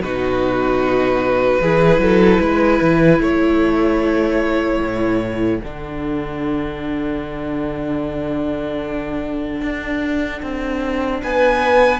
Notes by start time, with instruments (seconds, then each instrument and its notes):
0.00 cello B2, viola D#4, violin F#4 B4
1.61 cello E3, viola E4, violin G#4
1.98 cello F#3, violin A4
2.40 cello G#3, violin B4
2.81 cello E3
3.20 cello A3, violin A4 C#5
4.79 cello A2
5.61 cello D3, viola D4, violin F#5
9.61 cello D4
10.42 cello C4
11.23 cello B3, violin B4 G#5